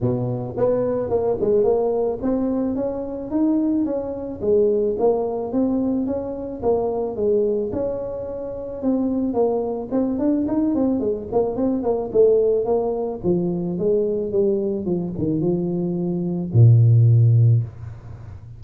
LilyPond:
\new Staff \with { instrumentName = "tuba" } { \time 4/4 \tempo 4 = 109 b,4 b4 ais8 gis8 ais4 | c'4 cis'4 dis'4 cis'4 | gis4 ais4 c'4 cis'4 | ais4 gis4 cis'2 |
c'4 ais4 c'8 d'8 dis'8 c'8 | gis8 ais8 c'8 ais8 a4 ais4 | f4 gis4 g4 f8 dis8 | f2 ais,2 | }